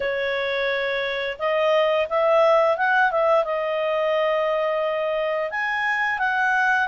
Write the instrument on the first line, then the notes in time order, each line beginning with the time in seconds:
clarinet
0.00 C#5
1.38 D#5
2.09 E5
2.77 F#5
3.11 E5
3.44 D#5
5.50 G#5
6.18 F#5